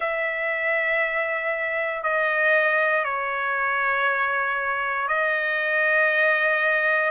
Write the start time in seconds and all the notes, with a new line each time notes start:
0.00 E5
2.03 D#5
3.04 C#5
5.08 D#5